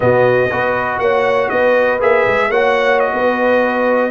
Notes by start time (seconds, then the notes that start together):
0.00 B2 B3 F#4 D#5
0.50 B3 F#4 B4
0.99 A#3 C#5 F#5
1.49 B3 B4 D#5
2.00 A#3 G#4 E5
2.26 G#3
2.49 A#3 F#4 C#5 F#5
2.99 D#5
3.13 B3 B4